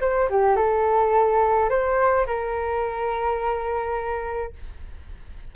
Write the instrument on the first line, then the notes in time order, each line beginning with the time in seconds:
flute
0.00 C5
0.29 G4
0.56 A4
1.69 C5
2.26 A#4